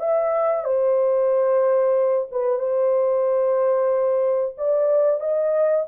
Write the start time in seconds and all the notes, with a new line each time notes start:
0.00 E5
0.65 C5
2.32 B4
2.60 C5
4.58 D5
5.21 D#5